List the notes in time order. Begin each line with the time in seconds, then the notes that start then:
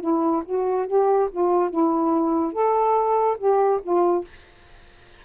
0.00 E4
0.45 F#4
0.86 G4
1.31 F4
1.70 E4
2.52 A4
3.38 G4
3.82 F4